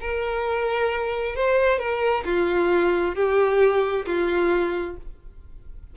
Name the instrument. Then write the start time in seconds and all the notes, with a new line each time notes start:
violin
0.00 A#4
1.35 C5
1.79 A#4
2.25 F4
3.15 G4
4.06 F4